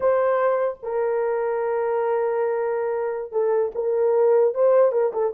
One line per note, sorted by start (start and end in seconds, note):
0.00 0.78 C5
0.82 3.31 A#4
3.31 3.72 A4
3.74 4.54 A#4
4.54 4.92 C5
4.92 5.12 A#4
5.12 5.32 A4